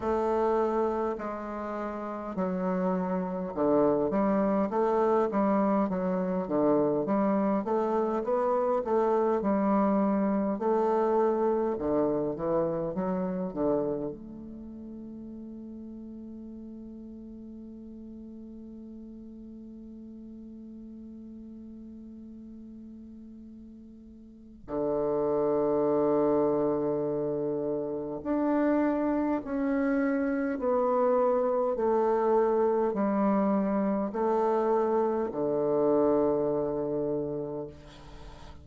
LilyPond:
\new Staff \with { instrumentName = "bassoon" } { \time 4/4 \tempo 4 = 51 a4 gis4 fis4 d8 g8 | a8 g8 fis8 d8 g8 a8 b8 a8 | g4 a4 d8 e8 fis8 d8 | a1~ |
a1~ | a4 d2. | d'4 cis'4 b4 a4 | g4 a4 d2 | }